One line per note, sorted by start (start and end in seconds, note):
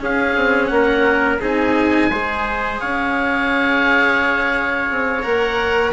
0.00 1.40 C#4
0.00 0.35 C#4
0.00 0.73 G#4
0.00 0.67 F5
0.36 0.71 C4
0.67 1.40 A#3
0.67 1.37 F#5
0.74 1.41 A#4
1.41 2.10 C4
1.41 2.11 D#4
1.41 2.11 G#4
1.41 2.81 G#5
2.10 2.80 G#3
2.10 5.23 G#4
2.10 2.81 C5
2.81 4.91 C#4
2.81 5.93 C#5
2.81 5.24 F5
4.91 5.25 C4
5.23 5.93 A#3
5.23 5.93 A#4
5.23 5.93 F#5